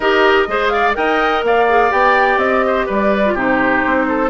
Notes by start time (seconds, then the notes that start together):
0.00 D#4 G4 A#4 D#5
0.47 G#3 G#4 C5
0.68 D5 F5
0.94 D#4 A#4 D#5 G5
1.43 A#3 D5 F5
1.68 G#4
1.90 B3 G4 G5
2.37 C4 D#5
2.66 C5
2.86 G3 B4 D5
3.25 F4
3.33 C3 D#4 G4 C5
3.86 C4
4.08 A4